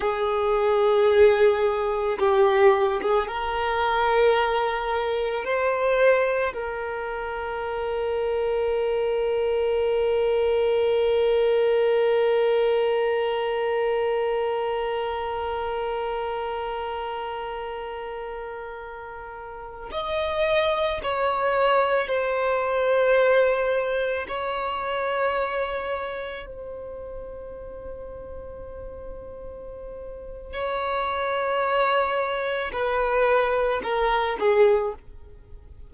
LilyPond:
\new Staff \with { instrumentName = "violin" } { \time 4/4 \tempo 4 = 55 gis'2 g'8. gis'16 ais'4~ | ais'4 c''4 ais'2~ | ais'1~ | ais'1~ |
ais'2~ ais'16 dis''4 cis''8.~ | cis''16 c''2 cis''4.~ cis''16~ | cis''16 c''2.~ c''8. | cis''2 b'4 ais'8 gis'8 | }